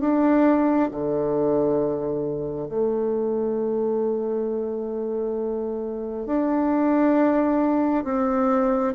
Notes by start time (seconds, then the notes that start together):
0.00 D4
0.91 D3
2.68 A3
6.26 D4
8.04 C4